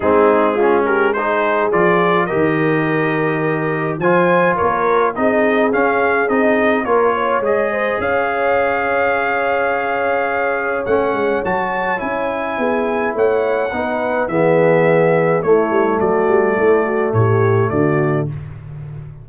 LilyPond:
<<
  \new Staff \with { instrumentName = "trumpet" } { \time 4/4 \tempo 4 = 105 gis'4. ais'8 c''4 d''4 | dis''2. gis''4 | cis''4 dis''4 f''4 dis''4 | cis''4 dis''4 f''2~ |
f''2. fis''4 | a''4 gis''2 fis''4~ | fis''4 e''2 cis''4 | d''2 cis''4 d''4 | }
  \new Staff \with { instrumentName = "horn" } { \time 4/4 dis'4 f'8 g'8 gis'2 | ais'2. c''4 | ais'4 gis'2. | ais'8 cis''4 c''8 cis''2~ |
cis''1~ | cis''2 gis'4 cis''4 | b'4 gis'2 e'4 | fis'4 e'8 fis'8 g'4 fis'4 | }
  \new Staff \with { instrumentName = "trombone" } { \time 4/4 c'4 cis'4 dis'4 f'4 | g'2. f'4~ | f'4 dis'4 cis'4 dis'4 | f'4 gis'2.~ |
gis'2. cis'4 | fis'4 e'2. | dis'4 b2 a4~ | a1 | }
  \new Staff \with { instrumentName = "tuba" } { \time 4/4 gis2. f4 | dis2. f4 | ais4 c'4 cis'4 c'4 | ais4 gis4 cis'2~ |
cis'2. a8 gis8 | fis4 cis'4 b4 a4 | b4 e2 a8 g8 | fis8 g8 a4 a,4 d4 | }
>>